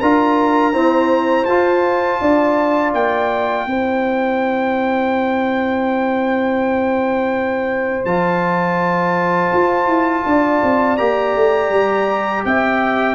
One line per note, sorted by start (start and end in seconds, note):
0.00 0.74 D4
0.00 0.73 F4
0.00 0.73 A#4
0.00 1.45 A#5
0.73 1.46 C4
0.73 1.47 E4
0.73 2.19 C5
1.45 2.20 F4
1.45 3.68 F4
1.45 2.91 A5
2.21 2.93 D4
2.21 3.67 D5
2.93 3.66 A#3
2.93 8.05 G5
3.66 8.05 C4
3.66 8.07 E4
3.66 10.27 C5
8.05 9.51 F3
8.05 10.98 F4
8.05 10.97 A5
9.53 9.86 F4
9.86 10.23 E4
10.25 10.62 D4
10.25 12.46 D5
10.62 10.99 C4
10.97 11.35 A#3
10.97 13.15 G4
10.97 12.43 A#5
11.35 11.70 A3
11.70 12.43 G3
12.45 13.15 C4
12.45 13.15 E5
12.45 13.15 G5